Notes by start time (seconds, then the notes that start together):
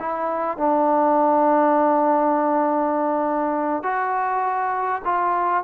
0.00 E4
0.58 D4
3.83 F#4
5.05 F4